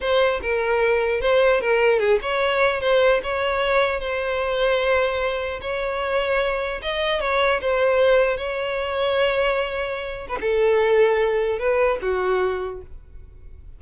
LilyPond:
\new Staff \with { instrumentName = "violin" } { \time 4/4 \tempo 4 = 150 c''4 ais'2 c''4 | ais'4 gis'8 cis''4. c''4 | cis''2 c''2~ | c''2 cis''2~ |
cis''4 dis''4 cis''4 c''4~ | c''4 cis''2.~ | cis''4.~ cis''16 b'16 a'2~ | a'4 b'4 fis'2 | }